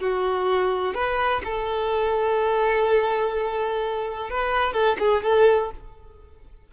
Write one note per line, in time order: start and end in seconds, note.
0.00 0.95 F#4
0.95 1.42 B4
1.45 4.31 A4
4.31 4.74 B4
4.74 4.98 A4
5.00 5.24 G#4
5.24 5.72 A4